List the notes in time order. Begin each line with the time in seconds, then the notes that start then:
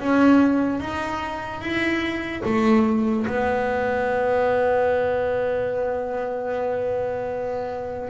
0.00 C#4
0.80 D#4
1.61 E4
2.45 A3
3.27 B3